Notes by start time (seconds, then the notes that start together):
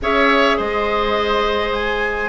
0.01 C#4 G#4 C#5 E5
0.57 G#3 C5 D#5
1.73 G#5